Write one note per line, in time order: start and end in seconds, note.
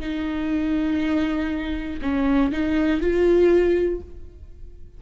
0.00 2.00 D#4
2.02 2.52 C#4
2.52 3.01 D#4
3.01 4.01 F4